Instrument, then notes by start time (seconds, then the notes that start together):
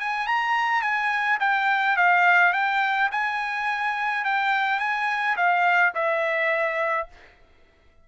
trumpet
0.00 G#5
0.27 A#5
0.82 G#5
1.40 G5
1.97 F5
2.53 G5
3.12 G#5
4.25 G5
4.80 G#5
5.36 F5
5.95 E5